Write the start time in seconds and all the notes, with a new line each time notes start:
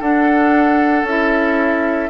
0.00 D4 A4 F#5
1.04 C#4 E4 E5